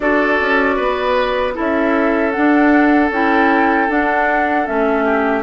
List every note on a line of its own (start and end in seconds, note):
0.00 0.39 D4
0.00 1.54 F#4
0.00 0.76 A4
0.00 1.54 D5
0.41 0.79 C#4
0.76 1.56 B3
0.76 1.54 B4
1.54 2.36 C#4
1.54 2.31 E4
1.54 5.04 A4
1.54 2.31 E5
2.31 3.11 D4
2.31 3.10 D4
2.31 3.09 F#5
3.10 3.88 C#4
3.10 3.88 E4
3.10 3.90 G5
3.88 4.66 D4
3.88 4.67 D4
3.88 4.66 F#5
4.66 5.43 A3
4.66 5.43 C#4
4.66 5.43 E5
5.04 5.43 G4